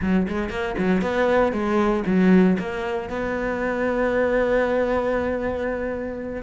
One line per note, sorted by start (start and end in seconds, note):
0.01 0.27 F#3
0.28 0.49 G#3
0.49 0.75 A#3
0.78 1.01 F#3
1.01 1.52 B3
1.52 2.03 G#3
2.06 2.57 F#3
2.58 3.09 A#3
3.09 6.42 B3